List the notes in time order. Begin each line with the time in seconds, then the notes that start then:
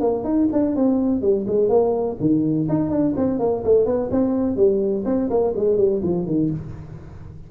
0.00 A#3
0.24 D#4
0.52 D4
0.75 C4
1.21 G3
1.47 G#3
1.68 A#3
2.19 D#3
2.68 D#4
2.90 D4
3.16 C4
3.39 A#3
3.63 A3
3.85 B3
4.11 C4
4.56 G3
5.05 C4
5.30 A#3
5.55 G#3
5.77 G3
6.02 F3
6.26 D#3